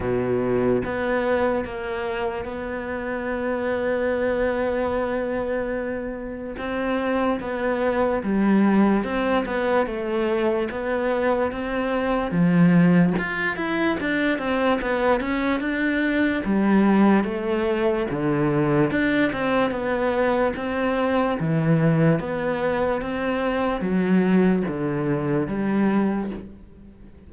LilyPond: \new Staff \with { instrumentName = "cello" } { \time 4/4 \tempo 4 = 73 b,4 b4 ais4 b4~ | b1 | c'4 b4 g4 c'8 b8 | a4 b4 c'4 f4 |
f'8 e'8 d'8 c'8 b8 cis'8 d'4 | g4 a4 d4 d'8 c'8 | b4 c'4 e4 b4 | c'4 fis4 d4 g4 | }